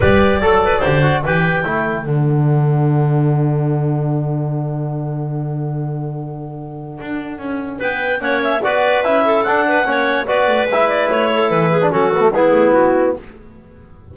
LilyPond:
<<
  \new Staff \with { instrumentName = "clarinet" } { \time 4/4 \tempo 4 = 146 d''2. g''4~ | g''4 fis''2.~ | fis''1~ | fis''1~ |
fis''2. g''4 | fis''8 e''8 d''4 e''4 fis''4~ | fis''4 d''4 e''8 d''8 cis''4 | b'4 a'4 gis'4 fis'4 | }
  \new Staff \with { instrumentName = "clarinet" } { \time 4/4 b'4 a'8 b'8 c''4 b'4 | a'1~ | a'1~ | a'1~ |
a'2. b'4 | cis''4 b'4. a'4 b'8 | cis''4 b'2~ b'8 a'8~ | a'8 gis'8 fis'4 e'2 | }
  \new Staff \with { instrumentName = "trombone" } { \time 4/4 g'4 a'4 g'8 fis'8 g'4 | e'4 d'2.~ | d'1~ | d'1~ |
d'1 | cis'4 fis'4 e'4 d'4 | cis'4 fis'4 e'2~ | e'8. d'16 cis'8 b16 a16 b2 | }
  \new Staff \with { instrumentName = "double bass" } { \time 4/4 g4 fis4 d4 e4 | a4 d2.~ | d1~ | d1~ |
d4 d'4 cis'4 b4 | ais4 b4 cis'4 d'4 | ais4 b8 a8 gis4 a4 | e4 fis4 gis8 a8 b4 | }
>>